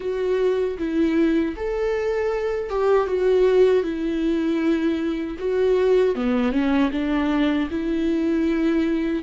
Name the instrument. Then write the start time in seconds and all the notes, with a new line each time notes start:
viola
0.00 F#4
0.78 E4
1.56 A4
2.69 G4
3.07 F#4
3.83 E4
5.38 F#4
6.15 B3
6.52 C#4
6.91 D4
7.70 E4